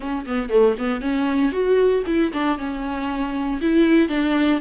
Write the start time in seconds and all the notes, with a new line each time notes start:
0.00 C#4
0.26 B3
0.49 A3
0.78 B3
1.01 C#4
1.52 F#4
2.06 E4
2.32 D4
2.58 C#4
3.61 E4
4.08 D4